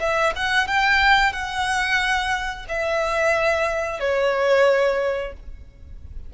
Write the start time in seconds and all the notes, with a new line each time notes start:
0.00 E5
0.36 F#5
0.68 G5
1.33 F#5
2.69 E5
4.00 C#5